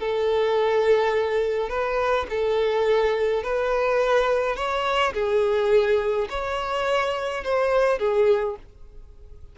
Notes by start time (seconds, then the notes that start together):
0.00 A4
1.69 B4
2.30 A4
3.44 B4
4.56 C#5
5.14 G#4
6.30 C#5
7.44 C5
7.99 G#4